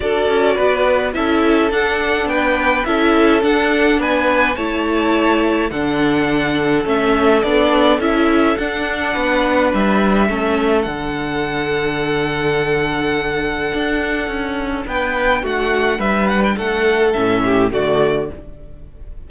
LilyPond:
<<
  \new Staff \with { instrumentName = "violin" } { \time 4/4 \tempo 4 = 105 d''2 e''4 fis''4 | g''4 e''4 fis''4 gis''4 | a''2 fis''2 | e''4 d''4 e''4 fis''4~ |
fis''4 e''2 fis''4~ | fis''1~ | fis''2 g''4 fis''4 | e''8 fis''16 g''16 fis''4 e''4 d''4 | }
  \new Staff \with { instrumentName = "violin" } { \time 4/4 a'4 b'4 a'2 | b'4 a'2 b'4 | cis''2 a'2~ | a'1 |
b'2 a'2~ | a'1~ | a'2 b'4 fis'4 | b'4 a'4. g'8 fis'4 | }
  \new Staff \with { instrumentName = "viola" } { \time 4/4 fis'2 e'4 d'4~ | d'4 e'4 d'2 | e'2 d'2 | cis'4 d'4 e'4 d'4~ |
d'2 cis'4 d'4~ | d'1~ | d'1~ | d'2 cis'4 a4 | }
  \new Staff \with { instrumentName = "cello" } { \time 4/4 d'8 cis'8 b4 cis'4 d'4 | b4 cis'4 d'4 b4 | a2 d2 | a4 b4 cis'4 d'4 |
b4 g4 a4 d4~ | d1 | d'4 cis'4 b4 a4 | g4 a4 a,4 d4 | }
>>